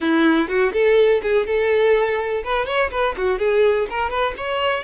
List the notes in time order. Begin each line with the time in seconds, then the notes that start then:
0.00 E4
0.48 F#4
0.72 A4
1.22 G#4
1.46 A4
2.43 B4
2.66 C#5
2.91 B4
3.17 F#4
3.38 G#4
3.90 A#4
4.10 B4
4.37 C#5